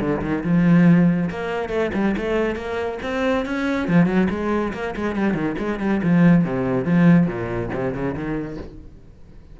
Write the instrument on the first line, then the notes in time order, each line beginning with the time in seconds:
cello
0.00 D3
0.22 D#3
0.44 F3
1.30 A#3
1.69 A3
1.94 G3
2.17 A3
2.56 A#3
3.03 C4
3.46 C#4
3.88 F3
4.06 F#3
4.30 G#3
4.73 A#3
4.96 G#3
5.16 G3
5.34 D#3
5.59 G#3
5.80 G3
6.03 F3
6.44 C3
6.85 F3
7.27 A#2
7.74 C3
7.94 C#3
8.15 D#3